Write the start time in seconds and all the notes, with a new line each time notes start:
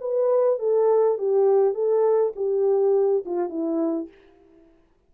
0.00 B4
0.59 A4
1.18 G4
1.74 A4
2.36 G4
3.25 F4
3.49 E4